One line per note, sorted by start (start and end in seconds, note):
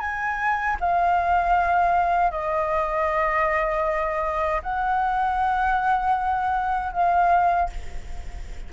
0.00 0.77 G#5
0.80 2.31 F5
2.31 4.62 D#5
4.63 6.93 F#5
6.93 7.70 F5